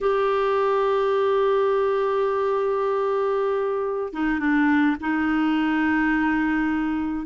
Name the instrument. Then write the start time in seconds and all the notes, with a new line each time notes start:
clarinet
0.00 G4
4.13 D#4
4.39 D4
5.00 D#4